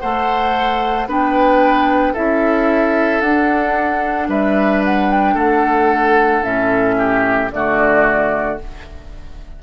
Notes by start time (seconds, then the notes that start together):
0.00 A3 A4 C5 F#5
1.07 B3 D4 B4 G5
2.13 C#4 E4 A4 E5
3.21 D4 F#5
4.28 G3 B4 E5
4.85 F#5
5.11 G5
5.34 A3 A4 F#5
6.42 A2 C#4 E5
6.98 G4
7.51 D3 A3 F#4 D5